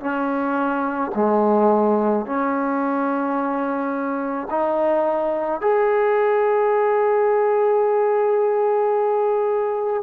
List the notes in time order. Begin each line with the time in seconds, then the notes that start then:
0.00 C#4
1.15 G#3
2.25 C#4
4.50 D#4
5.61 G#4